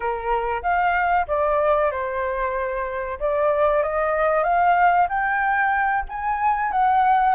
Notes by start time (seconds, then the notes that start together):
0.00 A#4
0.62 F5
1.27 D5
1.91 C5
3.19 D5
3.82 D#5
4.43 F5
5.09 G5
6.08 G#5
6.71 F#5